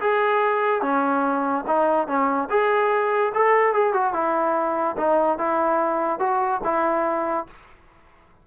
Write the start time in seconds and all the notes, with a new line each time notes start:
0.00 G#4
0.82 C#4
1.67 D#4
2.07 C#4
2.50 G#4
3.34 A4
3.73 G#4
3.93 F#4
4.13 E4
4.97 D#4
5.38 E4
6.19 F#4
6.64 E4